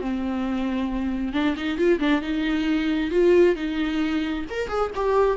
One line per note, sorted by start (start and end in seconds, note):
0.00 1.33 C4
1.33 1.55 D4
1.57 1.78 D#4
1.78 1.99 F4
1.99 2.21 D4
2.21 3.11 D#4
3.11 3.55 F4
3.55 4.45 D#4
4.50 4.68 A#4
4.68 4.91 G#4
4.95 5.37 G4